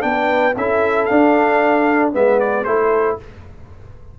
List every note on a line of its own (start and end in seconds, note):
0.00 0.55 B3
0.00 0.52 D4
0.00 0.57 B4
0.00 0.54 G5
0.56 1.08 C#4
0.56 1.09 E4
0.56 2.13 A4
0.56 1.05 E5
1.05 2.12 D4
1.05 2.14 D4
1.05 2.09 F5
2.12 2.65 G#3
2.12 2.65 B3
2.12 2.65 B4
2.12 2.39 E5
2.39 2.64 D5
2.64 3.17 A3
2.64 3.18 E4
2.64 3.19 A4
2.64 3.16 C5